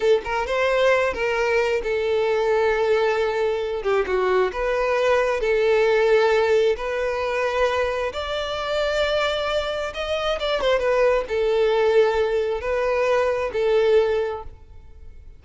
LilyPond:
\new Staff \with { instrumentName = "violin" } { \time 4/4 \tempo 4 = 133 a'8 ais'8 c''4. ais'4. | a'1~ | a'8 g'8 fis'4 b'2 | a'2. b'4~ |
b'2 d''2~ | d''2 dis''4 d''8 c''8 | b'4 a'2. | b'2 a'2 | }